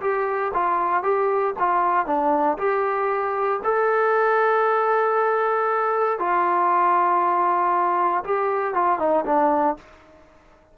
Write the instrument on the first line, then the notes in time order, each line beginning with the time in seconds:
trombone
0.00 G4
0.53 F4
1.03 G4
1.59 F4
2.06 D4
2.57 G4
3.63 A4
6.18 F4
8.24 G4
8.74 F4
8.98 D#4
9.25 D4